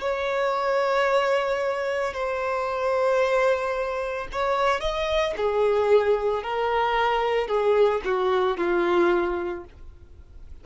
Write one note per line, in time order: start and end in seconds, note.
0.00 2.13 C#5
2.13 4.28 C5
4.32 4.80 C#5
4.80 5.34 D#5
5.36 6.43 G#4
6.43 7.48 A#4
7.48 8.01 G#4
8.05 8.57 F#4
8.57 9.64 F4